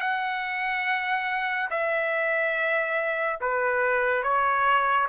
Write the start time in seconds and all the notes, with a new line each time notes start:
0.00 F#5
1.70 E5
3.40 B4
4.23 C#5